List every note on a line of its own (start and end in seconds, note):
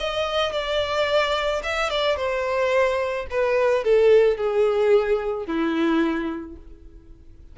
0.00 0.52 D#5
0.52 1.62 D5
1.64 1.90 E5
1.90 2.17 D5
2.17 3.27 C5
3.31 3.85 B4
3.85 4.38 A4
4.38 5.47 G#4
5.47 6.57 E4